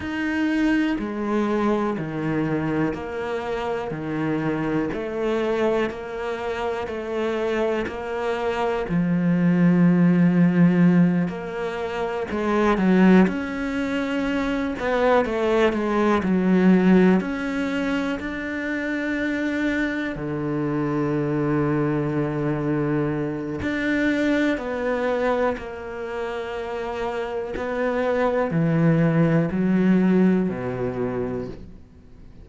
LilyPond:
\new Staff \with { instrumentName = "cello" } { \time 4/4 \tempo 4 = 61 dis'4 gis4 dis4 ais4 | dis4 a4 ais4 a4 | ais4 f2~ f8 ais8~ | ais8 gis8 fis8 cis'4. b8 a8 |
gis8 fis4 cis'4 d'4.~ | d'8 d2.~ d8 | d'4 b4 ais2 | b4 e4 fis4 b,4 | }